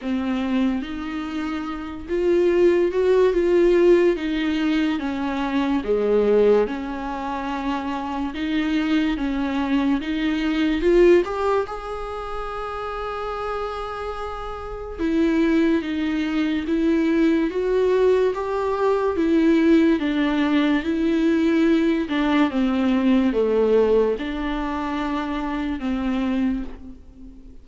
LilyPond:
\new Staff \with { instrumentName = "viola" } { \time 4/4 \tempo 4 = 72 c'4 dis'4. f'4 fis'8 | f'4 dis'4 cis'4 gis4 | cis'2 dis'4 cis'4 | dis'4 f'8 g'8 gis'2~ |
gis'2 e'4 dis'4 | e'4 fis'4 g'4 e'4 | d'4 e'4. d'8 c'4 | a4 d'2 c'4 | }